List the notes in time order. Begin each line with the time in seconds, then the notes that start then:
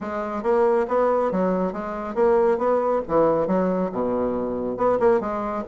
0.01 G#3
0.42 A#3
0.88 B3
1.31 F#3
1.72 G#3
2.14 A#3
2.58 B3
3.08 E3
3.47 F#3
3.92 B2
4.77 B3
4.99 A#3
5.20 G#3